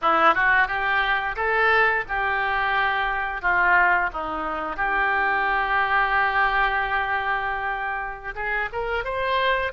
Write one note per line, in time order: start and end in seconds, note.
0.01 0.34 E4
0.34 0.67 F#4
0.67 1.35 G4
1.36 2.04 A4
2.08 3.41 G4
3.41 4.09 F4
4.12 4.76 D#4
4.76 8.34 G4
8.35 8.69 G#4
8.72 9.04 A#4
9.04 9.72 C5